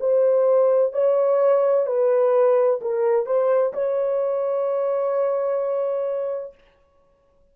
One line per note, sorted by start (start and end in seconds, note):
0.00 0.93 C5
0.93 1.86 C#5
1.86 2.80 B4
2.81 3.26 A#4
3.26 3.73 C5
3.73 6.55 C#5